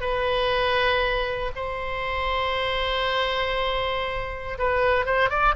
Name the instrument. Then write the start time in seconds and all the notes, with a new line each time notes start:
oboe
0.00 B4
1.55 C5
4.58 B4
5.05 C5
5.29 D5